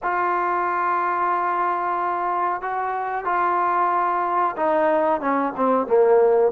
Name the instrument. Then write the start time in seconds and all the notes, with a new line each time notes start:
trombone
0.02 F4
2.61 F#4
3.25 F4
4.56 D#4
5.20 C#4
5.56 C4
5.86 A#3